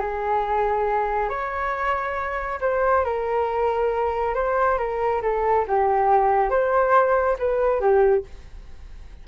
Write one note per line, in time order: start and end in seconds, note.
0.00 1.29 G#4
1.29 2.59 C#5
2.61 3.04 C5
3.04 4.34 A#4
4.34 4.78 C5
4.78 5.21 A#4
5.22 5.65 A4
5.67 6.50 G4
6.50 7.37 C5
7.39 7.80 B4
7.80 8.24 G4